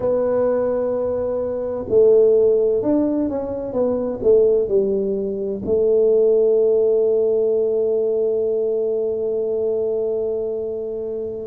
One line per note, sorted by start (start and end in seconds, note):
0.00 1.85 B3
1.88 2.82 A3
2.82 3.29 D4
3.29 3.72 C#4
3.72 4.19 B3
4.22 4.68 A3
4.68 5.62 G3
5.65 11.47 A3